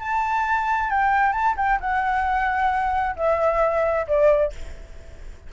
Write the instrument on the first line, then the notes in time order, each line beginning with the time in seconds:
flute
0.00 A5
0.90 G5
1.32 A5
1.57 G5
1.81 F#5
3.16 E5
4.07 D5